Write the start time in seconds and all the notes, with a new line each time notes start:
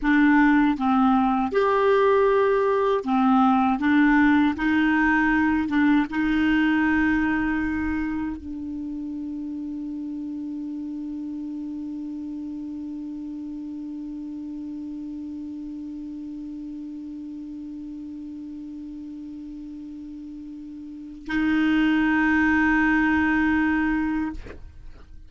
0.01 D4
0.77 C4
1.52 G4
3.04 C4
3.79 D4
4.56 D#4
5.68 D4
6.10 D#4
8.36 D4
21.27 D#4